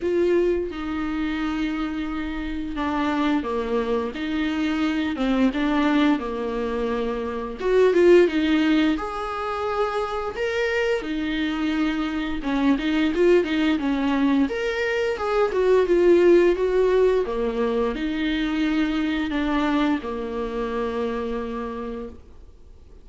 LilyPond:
\new Staff \with { instrumentName = "viola" } { \time 4/4 \tempo 4 = 87 f'4 dis'2. | d'4 ais4 dis'4. c'8 | d'4 ais2 fis'8 f'8 | dis'4 gis'2 ais'4 |
dis'2 cis'8 dis'8 f'8 dis'8 | cis'4 ais'4 gis'8 fis'8 f'4 | fis'4 ais4 dis'2 | d'4 ais2. | }